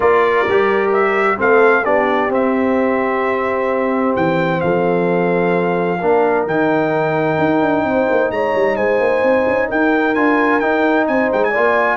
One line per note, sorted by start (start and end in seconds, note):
0.00 0.46 A#3
0.00 0.46 F4
0.00 1.37 A#4
0.00 0.91 D5
0.46 1.39 G3
0.46 1.37 G4
0.92 1.39 E5
1.37 1.85 A3
1.37 1.83 C4
1.37 1.83 A4
1.37 1.85 F5
1.83 2.28 B3
1.83 2.29 D4
1.83 4.60 G4
1.83 2.31 D5
2.28 4.13 C4
2.28 5.98 C4
2.28 4.16 E5
4.16 4.62 E3
4.16 4.60 G5
4.60 6.01 F3
4.60 6.00 A4
4.60 6.45 F5
6.00 6.46 A#3
6.00 6.48 D4
6.00 7.84 A#4
6.46 7.38 D#3
6.46 10.15 D#4
6.46 8.31 G5
7.38 7.61 D#4
7.61 7.84 D4
7.84 8.07 C4
7.84 8.32 C5
8.10 8.30 A#3
8.30 8.53 G#3
8.30 8.76 C#5
8.30 8.76 A#5
8.55 8.77 G3
8.76 8.99 G#3
8.76 9.68 C5
8.76 9.68 G#5
8.99 9.22 A#3
9.22 9.46 C4
9.47 9.70 C#4
9.68 10.16 D#4
9.68 11.07 A#4
9.68 10.14 G5
10.14 10.61 D4
10.14 10.61 F4
10.14 10.59 G#5
10.59 11.53 D#4
10.59 11.07 D#4
10.59 11.05 G5
11.07 11.31 C4
11.07 11.50 C5
11.07 11.30 G#5
11.32 11.56 G#3
11.32 11.44 G5
11.44 11.97 G#5
11.50 11.97 A#3
11.50 11.97 F4
11.50 11.96 D5